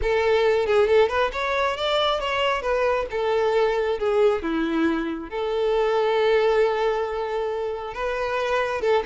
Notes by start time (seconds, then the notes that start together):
0.01 A4
0.66 G#4
0.87 A4
1.08 B4
1.32 C#5
1.76 D5
2.20 C#5
2.61 B4
3.11 A4
3.98 G#4
4.42 E4
5.29 A4
7.94 B4
8.81 A4